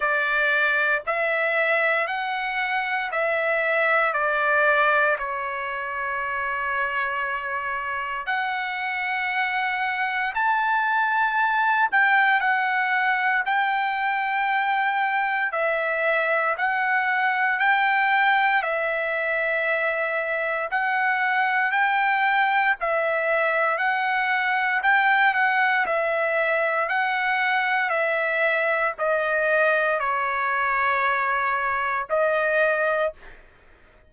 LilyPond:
\new Staff \with { instrumentName = "trumpet" } { \time 4/4 \tempo 4 = 58 d''4 e''4 fis''4 e''4 | d''4 cis''2. | fis''2 a''4. g''8 | fis''4 g''2 e''4 |
fis''4 g''4 e''2 | fis''4 g''4 e''4 fis''4 | g''8 fis''8 e''4 fis''4 e''4 | dis''4 cis''2 dis''4 | }